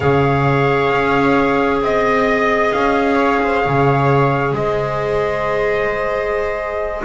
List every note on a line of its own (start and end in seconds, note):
0.00 0.90 C#3
0.00 7.04 G#4
0.00 1.81 C#5
0.00 1.79 F5
0.90 1.81 C#4
1.81 2.72 C4
1.81 2.72 D#5
1.81 3.15 D#5
2.72 3.65 C#4
2.72 4.53 F5
3.15 3.37 C#5
3.43 3.62 C5
3.62 4.52 C#3
3.62 4.53 C#5
4.52 7.02 G#3
4.52 7.04 C5
4.52 7.04 D#5